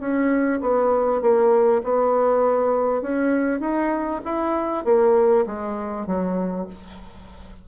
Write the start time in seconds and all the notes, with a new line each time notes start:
0.00 C#4
0.61 B3
1.22 A#3
1.84 B3
3.02 C#4
3.61 D#4
4.25 E4
4.85 A#3
5.47 G#3
6.07 F#3